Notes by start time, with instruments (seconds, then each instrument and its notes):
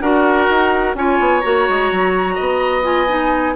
0.00 bassoon D4, clarinet F#4, oboe A#4, flute F#5
0.49 bassoon D#4
0.95 bassoon C#4, clarinet F4, oboe C#5, flute G#5
1.20 bassoon B3
1.41 bassoon A#3, clarinet F#4, flute A#5
1.69 bassoon G#3
1.92 bassoon F#3
2.35 bassoon B3, oboe D#5
2.83 clarinet F4, flute G#5
3.08 clarinet D#4